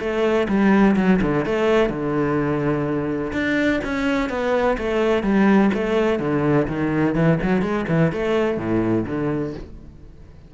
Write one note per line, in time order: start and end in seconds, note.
0.00 0.48 A3
0.48 0.96 G3
0.97 1.20 F#3
1.22 1.46 D3
1.46 1.90 A3
1.90 3.32 D3
3.33 3.81 D4
3.84 4.29 C#4
4.29 4.77 B3
4.78 5.23 A3
5.23 5.71 G3
5.74 6.20 A3
6.20 6.67 D3
6.68 7.15 D#3
7.15 7.39 E3
7.43 7.62 F#3
7.62 7.86 G#3
7.89 8.12 E3
8.12 8.58 A3
8.58 9.05 A2
9.07 9.54 D3